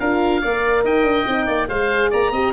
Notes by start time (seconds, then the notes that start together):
0.00 D4 F4 A#4 F5
0.42 A#3 A#4 D5
0.85 D#4 D#5 G5
1.03 D4
1.27 C4 D#4
1.47 A#3 D5
1.69 G#3 G#4 C5 F5
2.11 A#3 D5 A#5
2.32 C4 G4 D#5